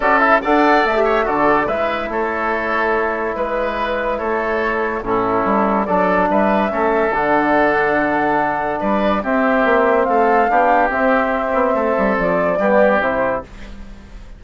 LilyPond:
<<
  \new Staff \with { instrumentName = "flute" } { \time 4/4 \tempo 4 = 143 d''8 e''8 fis''4 e''4 d''4 | e''4 cis''2. | b'2 cis''2 | a'2 d''4 e''4~ |
e''4 fis''2.~ | fis''4 d''4 e''2 | f''2 e''2~ | e''4 d''2 c''4 | }
  \new Staff \with { instrumentName = "oboe" } { \time 4/4 a'4 d''4. cis''8 a'4 | b'4 a'2. | b'2 a'2 | e'2 a'4 b'4 |
a'1~ | a'4 b'4 g'2 | a'4 g'2. | a'2 g'2 | }
  \new Staff \with { instrumentName = "trombone" } { \time 4/4 fis'8 e'8 a'4~ a'16 g'8. fis'4 | e'1~ | e'1 | cis'2 d'2 |
cis'4 d'2.~ | d'2 c'2~ | c'4 d'4 c'2~ | c'2 b4 e'4 | }
  \new Staff \with { instrumentName = "bassoon" } { \time 4/4 cis'4 d'4 a4 d4 | gis4 a2. | gis2 a2 | a,4 g4 fis4 g4 |
a4 d2.~ | d4 g4 c'4 ais4 | a4 b4 c'4. b8 | a8 g8 f4 g4 c4 | }
>>